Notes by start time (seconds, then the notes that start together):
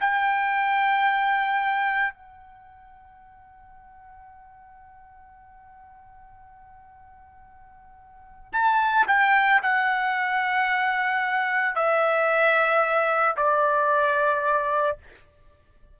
0.00 G5
2.13 F#5
8.52 A5
9.07 G5
9.62 F#5
11.75 E5
13.36 D5